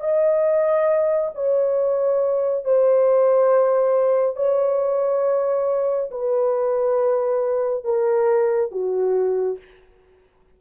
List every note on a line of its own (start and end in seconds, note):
0.00 1.30 D#5
1.34 2.65 C#5
2.65 4.36 C5
4.36 6.10 C#5
6.11 7.84 B4
7.84 8.71 A#4
8.71 9.58 F#4